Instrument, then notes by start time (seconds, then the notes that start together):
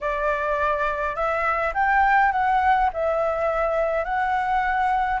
flute
0.01 D5
1.15 E5
1.74 G5
2.32 F#5
2.93 E5
4.04 F#5